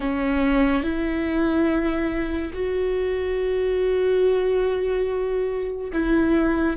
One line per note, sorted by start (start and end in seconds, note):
0.00 0.83 C#4
0.83 2.52 E4
2.53 5.91 F#4
5.92 6.76 E4